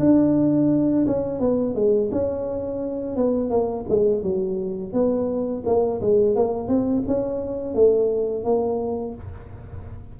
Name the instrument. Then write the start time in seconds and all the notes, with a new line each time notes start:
tuba
0.00 D4
1.07 C#4
1.40 B3
1.75 G#3
2.12 C#4
3.17 B3
3.50 A#3
3.89 G#3
4.23 F#3
4.93 B3
5.66 A#3
6.02 G#3
6.36 A#3
6.68 C4
7.07 C#4
7.75 A3
8.44 A#3